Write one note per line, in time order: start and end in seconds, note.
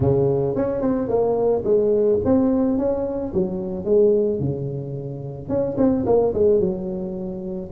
0.00 0.55 C#3
0.55 0.81 C#4
0.81 1.08 C4
1.08 1.63 A#3
1.64 2.19 G#3
2.24 2.77 C4
2.77 3.33 C#4
3.33 3.84 F#3
3.84 4.39 G#3
4.39 5.48 C#3
5.48 5.76 C#4
5.77 6.05 C4
6.06 6.33 A#3
6.34 6.60 G#3
6.60 7.70 F#3